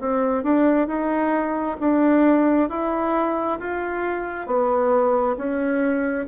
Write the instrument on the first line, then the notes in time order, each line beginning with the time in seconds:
bassoon
0.00 C4
0.44 D4
0.88 D#4
1.80 D4
2.69 E4
3.60 F4
4.47 B3
5.37 C#4